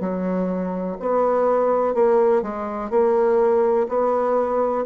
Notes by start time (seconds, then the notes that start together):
0.00 F#3
1.00 B3
1.94 A#3
2.42 G#3
2.90 A#3
3.88 B3